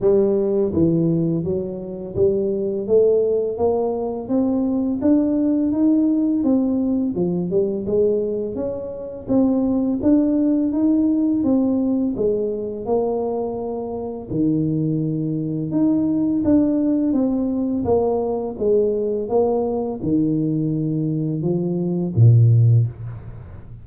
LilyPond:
\new Staff \with { instrumentName = "tuba" } { \time 4/4 \tempo 4 = 84 g4 e4 fis4 g4 | a4 ais4 c'4 d'4 | dis'4 c'4 f8 g8 gis4 | cis'4 c'4 d'4 dis'4 |
c'4 gis4 ais2 | dis2 dis'4 d'4 | c'4 ais4 gis4 ais4 | dis2 f4 ais,4 | }